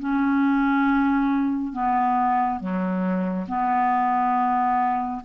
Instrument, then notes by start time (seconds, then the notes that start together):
clarinet
0.00 C#4
1.74 B3
2.60 F#3
3.48 B3